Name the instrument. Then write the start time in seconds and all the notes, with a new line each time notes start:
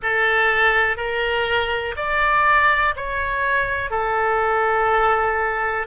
oboe
0.02 A4
0.97 A#4
1.96 D5
2.96 C#5
3.90 A4